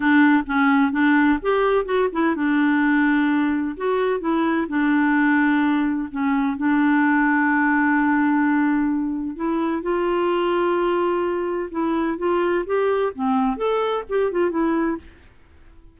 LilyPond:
\new Staff \with { instrumentName = "clarinet" } { \time 4/4 \tempo 4 = 128 d'4 cis'4 d'4 g'4 | fis'8 e'8 d'2. | fis'4 e'4 d'2~ | d'4 cis'4 d'2~ |
d'1 | e'4 f'2.~ | f'4 e'4 f'4 g'4 | c'4 a'4 g'8 f'8 e'4 | }